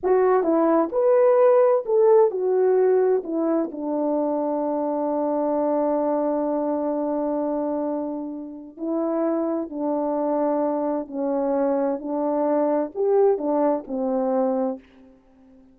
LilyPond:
\new Staff \with { instrumentName = "horn" } { \time 4/4 \tempo 4 = 130 fis'4 e'4 b'2 | a'4 fis'2 e'4 | d'1~ | d'1~ |
d'2. e'4~ | e'4 d'2. | cis'2 d'2 | g'4 d'4 c'2 | }